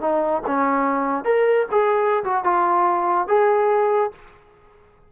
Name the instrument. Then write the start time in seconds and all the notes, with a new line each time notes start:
trombone
0.00 D#4
0.46 C#4
1.24 A#4
1.71 G#4
2.24 F#4
2.44 F4
3.27 G#4